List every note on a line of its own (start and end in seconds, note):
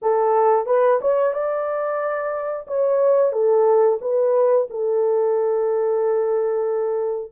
0.02 0.66 A4
0.66 0.99 B4
1.01 1.33 C#5
1.33 2.66 D5
2.67 3.32 C#5
3.32 3.98 A4
4.01 4.67 B4
4.70 7.32 A4